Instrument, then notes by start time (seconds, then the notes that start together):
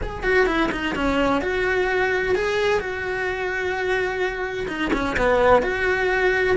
cello
0.02 G#4
0.23 F#4
0.46 E4
0.71 D#4
0.95 C#4
1.41 F#4
2.35 G#4
2.80 F#4
4.68 D#4
4.93 C#4
5.16 B3
5.62 F#4